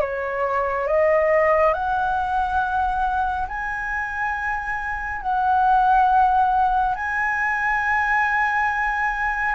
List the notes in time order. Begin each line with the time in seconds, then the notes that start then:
0.00 C#5
0.87 D#5
1.74 F#5
3.48 G#5
5.21 F#5
6.95 G#5